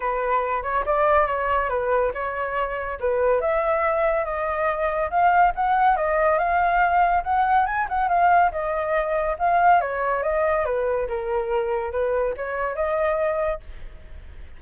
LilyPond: \new Staff \with { instrumentName = "flute" } { \time 4/4 \tempo 4 = 141 b'4. cis''8 d''4 cis''4 | b'4 cis''2 b'4 | e''2 dis''2 | f''4 fis''4 dis''4 f''4~ |
f''4 fis''4 gis''8 fis''8 f''4 | dis''2 f''4 cis''4 | dis''4 b'4 ais'2 | b'4 cis''4 dis''2 | }